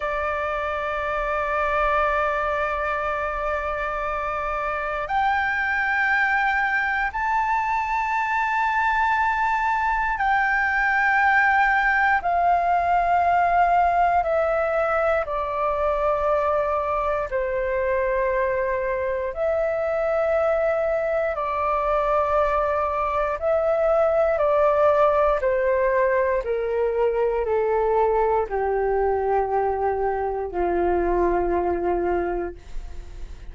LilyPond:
\new Staff \with { instrumentName = "flute" } { \time 4/4 \tempo 4 = 59 d''1~ | d''4 g''2 a''4~ | a''2 g''2 | f''2 e''4 d''4~ |
d''4 c''2 e''4~ | e''4 d''2 e''4 | d''4 c''4 ais'4 a'4 | g'2 f'2 | }